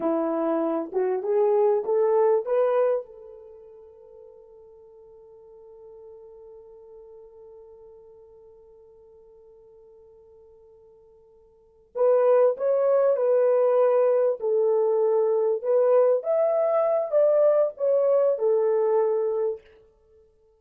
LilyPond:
\new Staff \with { instrumentName = "horn" } { \time 4/4 \tempo 4 = 98 e'4. fis'8 gis'4 a'4 | b'4 a'2.~ | a'1~ | a'1~ |
a'2.~ a'8 b'8~ | b'8 cis''4 b'2 a'8~ | a'4. b'4 e''4. | d''4 cis''4 a'2 | }